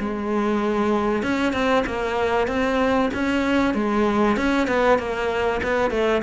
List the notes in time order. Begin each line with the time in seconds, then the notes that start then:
0.00 G#3
1.23 C#4
1.53 C4
1.86 A#3
2.48 C4
3.14 C#4
3.75 G#3
4.37 C#4
4.68 B3
4.99 A#3
5.63 B3
5.91 A3